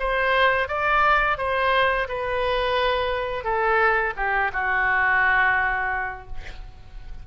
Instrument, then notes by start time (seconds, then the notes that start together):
oboe
0.00 C5
0.68 D5
1.38 C5
2.09 B4
3.44 A4
4.17 G4
4.53 F#4